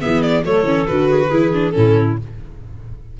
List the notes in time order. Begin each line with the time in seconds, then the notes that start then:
0.00 E3 B3 G#4 E5
0.22 D5
0.44 F#3 A3 A4 C#5
0.63 E3 C#4
0.86 D3 F#4 B4
1.09 G#4
1.19 F#4
1.30 E3 E4 G#4
1.53 D4
1.70 C#4 E4 A4
1.76 A2